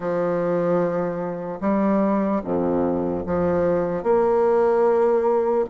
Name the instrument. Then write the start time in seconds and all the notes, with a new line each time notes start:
bassoon
0.00 F3
1.60 G3
2.44 F2
3.25 F3
4.03 A#3